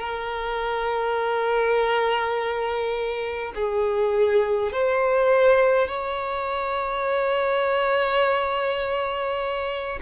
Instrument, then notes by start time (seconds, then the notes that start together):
violin
0.00 A#4
3.55 G#4
4.73 C5
5.88 C#5